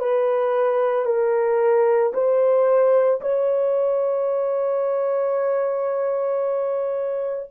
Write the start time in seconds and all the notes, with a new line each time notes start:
0.00 B4
1.06 A#4
2.14 C5
3.22 C#5